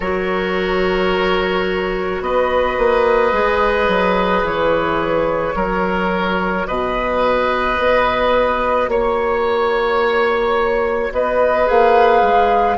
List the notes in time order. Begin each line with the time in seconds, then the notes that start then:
0.00 F#3 F#4 A#4 C#5
2.20 B3 B4 D#5
2.78 A#3
3.32 G#3 G#4
3.87 F#3
4.43 E3 C#5
5.55 F#3 F#4 A#4
6.66 B2 B4 D#5
7.78 B3
8.87 A#3 C#5
11.12 B3 B4 D#5
11.65 A#3 G#4 F5
12.22 G#3